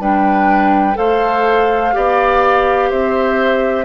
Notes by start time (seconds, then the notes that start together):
0.00 G3 D4 B4 G5
0.94 A3 A4 C5 F5
1.93 B3 G4 D5
2.90 C4 C5 E5